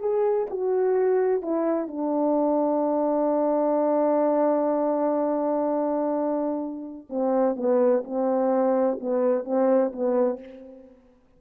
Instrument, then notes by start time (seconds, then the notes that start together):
horn
0.00 G#4
0.50 F#4
1.42 E4
1.88 D4
7.10 C4
7.56 B3
8.05 C4
9.01 B3
9.45 C4
9.93 B3